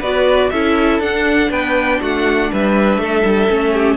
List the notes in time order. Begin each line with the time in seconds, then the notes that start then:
0.00 B3 F#4 B4 D5
0.51 C#4 E4 A4 E5
1.00 D4 F#5
1.51 B3 B4 G5
2.01 A3 F#4 F#5
2.52 G3 B4 E5
2.99 A3 A4
3.25 G3
3.49 A3 C#4
3.74 G4